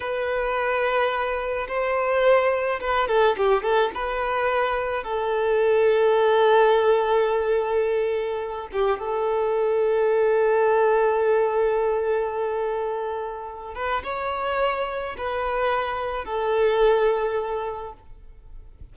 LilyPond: \new Staff \with { instrumentName = "violin" } { \time 4/4 \tempo 4 = 107 b'2. c''4~ | c''4 b'8 a'8 g'8 a'8 b'4~ | b'4 a'2.~ | a'2.~ a'8 g'8 |
a'1~ | a'1~ | a'8 b'8 cis''2 b'4~ | b'4 a'2. | }